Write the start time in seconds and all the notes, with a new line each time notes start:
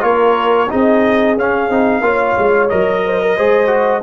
0.00 A#3 F4 A#4 C#5
0.69 C4 D#4 G#4 D#5
1.36 C#4 F5
1.69 C4 D#4
2.00 A#3 F4 C#5
2.38 G#3
2.69 F#3 A#4 D#5
3.05 C5
3.21 A#4
3.36 G#3 G#4 C5
3.67 F#4